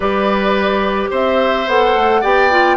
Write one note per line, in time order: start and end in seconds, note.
0.00 1.08 G3
0.00 1.67 G4
0.00 1.10 B4
0.00 1.09 D5
1.10 1.67 C4
1.10 2.21 C5
1.10 1.68 E5
1.67 1.95 B3
1.67 2.23 A4
1.67 2.23 F#5
1.95 2.23 A3
2.21 2.77 B3
2.21 2.50 G4
2.21 2.77 D5
2.21 2.77 G5
2.50 2.77 F4